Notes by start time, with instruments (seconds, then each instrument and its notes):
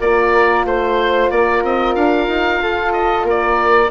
0.00 bassoon A#3, horn F4, flute A#4, oboe D5
0.65 bassoon A3, oboe C5, flute C5
1.30 bassoon A#3, flute A#4, oboe D5
1.63 bassoon C4, oboe D#5
1.95 bassoon D4, oboe F5
2.27 bassoon D#4
2.62 bassoon F4, flute A4
2.92 oboe D#5
3.24 bassoon A#3, flute A#4, oboe D5